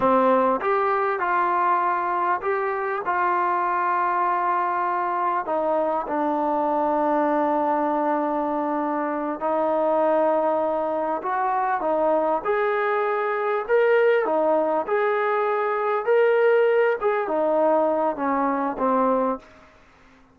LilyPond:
\new Staff \with { instrumentName = "trombone" } { \time 4/4 \tempo 4 = 99 c'4 g'4 f'2 | g'4 f'2.~ | f'4 dis'4 d'2~ | d'2.~ d'8 dis'8~ |
dis'2~ dis'8 fis'4 dis'8~ | dis'8 gis'2 ais'4 dis'8~ | dis'8 gis'2 ais'4. | gis'8 dis'4. cis'4 c'4 | }